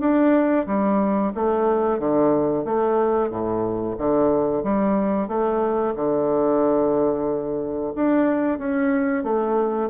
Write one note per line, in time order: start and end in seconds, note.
0.00 0.66 D4
0.67 1.32 G3
1.35 2.00 A3
2.00 2.65 D3
2.65 3.30 A3
3.30 3.96 A2
3.98 4.64 D3
4.64 5.28 G3
5.28 5.94 A3
5.96 7.93 D3
7.95 8.58 D4
8.58 9.24 C#4
9.24 9.90 A3